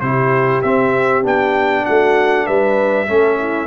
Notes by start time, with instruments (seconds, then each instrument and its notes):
0.00 tuba C3, trombone E4, horn G4, trumpet C5
0.62 trombone C4, tuba C4, trumpet E5
1.22 tuba B3, trombone D4, trumpet G5
1.85 tuba A3, horn F#4, trumpet F#5
2.46 tuba G3, horn B4, trumpet E5
3.07 tuba A3, trombone C#4, horn A4
3.38 horn E4